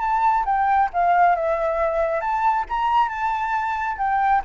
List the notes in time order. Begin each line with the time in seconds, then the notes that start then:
0.00 A5
0.45 G5
0.93 F5
1.35 E5
2.21 A5
2.69 A#5
3.09 A5
3.97 G5